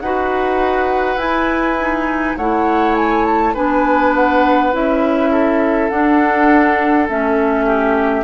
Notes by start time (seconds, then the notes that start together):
0.00 D#4 F#4 B4 F#5
1.16 E4 G#5
1.79 D#4
2.36 A3 E4 C#5 F#5
2.95 G#5
3.24 A5
3.53 B3 D4 B4 G#5
4.15 F#5
4.72 C#4 E4 E5
5.31 A4
5.89 D4 F#5
7.08 A3 C#4 E5
7.65 G4